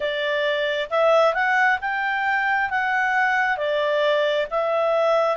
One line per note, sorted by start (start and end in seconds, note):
0.00 0.89 D5
0.90 1.34 E5
1.34 1.78 F#5
1.81 2.69 G5
2.69 3.57 F#5
3.57 4.47 D5
4.50 5.36 E5